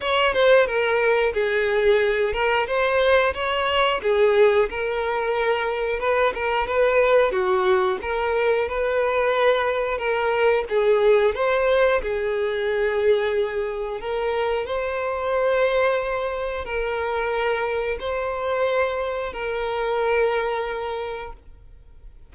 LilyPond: \new Staff \with { instrumentName = "violin" } { \time 4/4 \tempo 4 = 90 cis''8 c''8 ais'4 gis'4. ais'8 | c''4 cis''4 gis'4 ais'4~ | ais'4 b'8 ais'8 b'4 fis'4 | ais'4 b'2 ais'4 |
gis'4 c''4 gis'2~ | gis'4 ais'4 c''2~ | c''4 ais'2 c''4~ | c''4 ais'2. | }